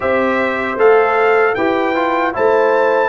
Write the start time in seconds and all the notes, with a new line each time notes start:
0.00 C4 G4 C5 E5
0.76 A3 A4 F5
1.54 E4 G4 B4 G5
1.95 F4
2.33 A3 E4 C5 A5